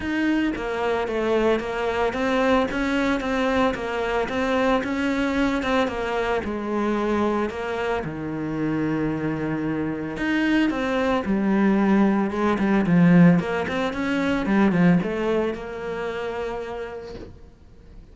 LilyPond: \new Staff \with { instrumentName = "cello" } { \time 4/4 \tempo 4 = 112 dis'4 ais4 a4 ais4 | c'4 cis'4 c'4 ais4 | c'4 cis'4. c'8 ais4 | gis2 ais4 dis4~ |
dis2. dis'4 | c'4 g2 gis8 g8 | f4 ais8 c'8 cis'4 g8 f8 | a4 ais2. | }